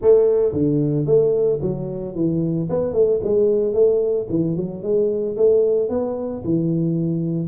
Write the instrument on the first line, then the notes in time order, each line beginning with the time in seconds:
tuba
0.01 A3
0.52 D3
1.05 A3
1.61 F#3
2.15 E3
2.69 B3
2.93 A3
3.23 G#3
3.73 A3
4.29 E3
4.56 F#3
4.83 G#3
5.36 A3
5.89 B3
6.44 E3